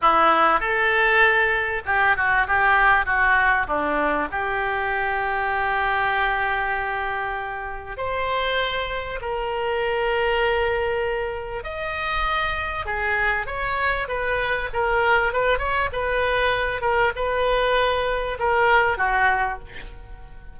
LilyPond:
\new Staff \with { instrumentName = "oboe" } { \time 4/4 \tempo 4 = 98 e'4 a'2 g'8 fis'8 | g'4 fis'4 d'4 g'4~ | g'1~ | g'4 c''2 ais'4~ |
ais'2. dis''4~ | dis''4 gis'4 cis''4 b'4 | ais'4 b'8 cis''8 b'4. ais'8 | b'2 ais'4 fis'4 | }